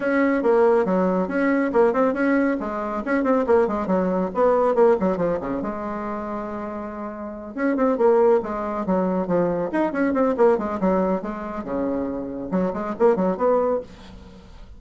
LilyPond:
\new Staff \with { instrumentName = "bassoon" } { \time 4/4 \tempo 4 = 139 cis'4 ais4 fis4 cis'4 | ais8 c'8 cis'4 gis4 cis'8 c'8 | ais8 gis8 fis4 b4 ais8 fis8 | f8 cis8 gis2.~ |
gis4. cis'8 c'8 ais4 gis8~ | gis8 fis4 f4 dis'8 cis'8 c'8 | ais8 gis8 fis4 gis4 cis4~ | cis4 fis8 gis8 ais8 fis8 b4 | }